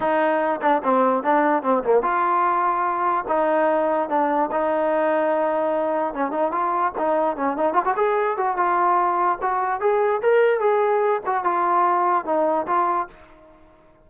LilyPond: \new Staff \with { instrumentName = "trombone" } { \time 4/4 \tempo 4 = 147 dis'4. d'8 c'4 d'4 | c'8 ais8 f'2. | dis'2 d'4 dis'4~ | dis'2. cis'8 dis'8 |
f'4 dis'4 cis'8 dis'8 f'16 fis'16 gis'8~ | gis'8 fis'8 f'2 fis'4 | gis'4 ais'4 gis'4. fis'8 | f'2 dis'4 f'4 | }